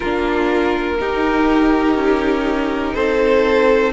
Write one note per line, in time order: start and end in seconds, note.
0.00 1.00 A#3
0.00 0.98 D4
0.00 0.97 F4
0.00 2.94 A#4
0.98 3.93 D#4
0.98 1.95 D#4
0.98 2.94 G4
1.95 2.94 C#4
2.94 3.93 C4
2.94 3.93 A4
2.94 3.92 C5